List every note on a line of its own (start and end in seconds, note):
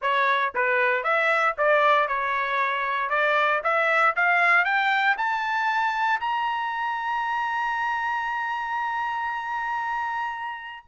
0.01 0.53 C#5
0.54 1.03 B4
1.03 1.55 E5
1.57 2.08 D5
2.08 3.09 C#5
3.09 3.61 D5
3.63 4.15 E5
4.15 4.64 F5
4.64 5.16 G5
5.17 6.20 A5
6.20 10.85 A#5